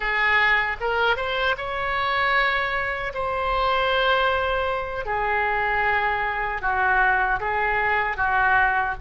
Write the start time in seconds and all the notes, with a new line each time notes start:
0.00 G#4
0.80 A#4
1.16 C5
1.57 C#5
3.14 C5
5.05 G#4
6.61 F#4
7.40 G#4
8.16 F#4